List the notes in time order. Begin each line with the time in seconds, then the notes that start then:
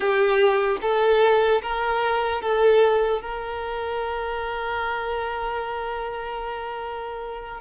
0.00 G4
0.81 A4
1.62 A#4
2.41 A4
3.21 A#4